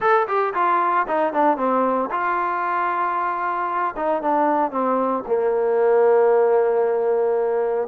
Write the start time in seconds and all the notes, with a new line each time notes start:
0.00 A4
0.27 G4
0.54 F4
1.07 D#4
1.33 D4
1.57 C4
2.10 F4
3.96 D#4
4.22 D4
4.71 C4
5.26 A#3